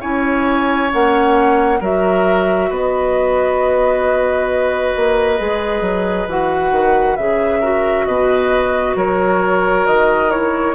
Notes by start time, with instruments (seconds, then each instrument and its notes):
0.00 bassoon C#4, clarinet E4, oboe C#5, flute G#5
0.89 bassoon A#3, clarinet C#4, flute F#5
1.80 bassoon F#3, clarinet F#4, oboe A#4, flute E5
2.69 bassoon B3, oboe B4, flute D#5
4.96 bassoon A#3
5.37 bassoon G#3, clarinet G#4
5.81 bassoon F#3
6.27 bassoon E3, clarinet F#4, flute F#5
6.71 bassoon D#3
7.16 bassoon C#3, clarinet G#4, flute E5
7.60 clarinet F#4, oboe A#4
8.06 bassoon B2, oboe B4, flute D#5
8.95 bassoon F#3, oboe A#4, flute C#5
9.86 bassoon D#3, flute D#5
10.30 clarinet E4, flute C#5